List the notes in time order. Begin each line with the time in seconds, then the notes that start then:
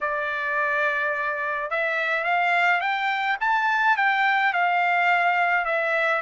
0.01 D5
1.70 E5
2.24 F5
2.80 G5
3.40 A5
3.96 G5
4.53 F5
5.65 E5